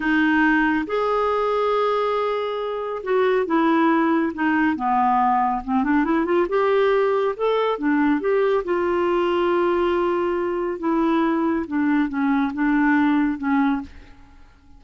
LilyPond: \new Staff \with { instrumentName = "clarinet" } { \time 4/4 \tempo 4 = 139 dis'2 gis'2~ | gis'2. fis'4 | e'2 dis'4 b4~ | b4 c'8 d'8 e'8 f'8 g'4~ |
g'4 a'4 d'4 g'4 | f'1~ | f'4 e'2 d'4 | cis'4 d'2 cis'4 | }